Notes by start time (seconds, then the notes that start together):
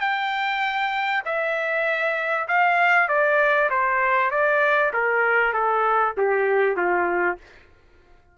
0.00 G5
1.25 E5
2.48 F5
3.08 D5
3.70 C5
4.31 D5
4.93 A#4
5.53 A4
6.17 G4
6.76 F4